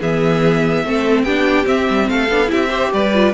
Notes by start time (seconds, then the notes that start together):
0.00 E3 B3 G#4 E5
0.84 A3 C4 A4
1.23 B3 D4 G4 G5
1.64 C4 E5
1.89 G3
2.09 A3 A4 F5
2.30 B3 D4
2.46 C4 E4 G4 E5
2.69 G4 C5
2.93 G3 B4 D5
3.13 F4